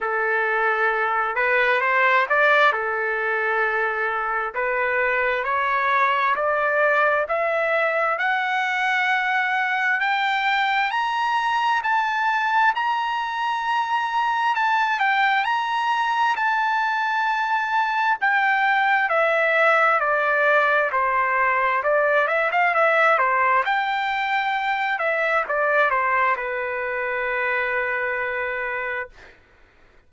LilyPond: \new Staff \with { instrumentName = "trumpet" } { \time 4/4 \tempo 4 = 66 a'4. b'8 c''8 d''8 a'4~ | a'4 b'4 cis''4 d''4 | e''4 fis''2 g''4 | ais''4 a''4 ais''2 |
a''8 g''8 ais''4 a''2 | g''4 e''4 d''4 c''4 | d''8 e''16 f''16 e''8 c''8 g''4. e''8 | d''8 c''8 b'2. | }